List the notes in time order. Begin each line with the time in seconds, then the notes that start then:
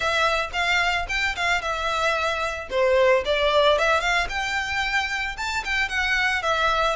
0.00 E5
0.53 F5
1.08 G5
1.35 F5
1.61 E5
2.70 C5
3.25 D5
3.78 E5
4.00 F5
4.29 G5
5.37 A5
5.64 G5
5.89 F#5
6.42 E5